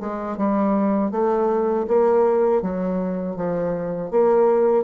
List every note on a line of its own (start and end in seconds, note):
0.00 0.37 G#3
0.37 1.11 G3
1.11 1.86 A3
1.88 2.62 A#3
2.62 3.36 F#3
3.36 4.11 F3
4.11 4.84 A#3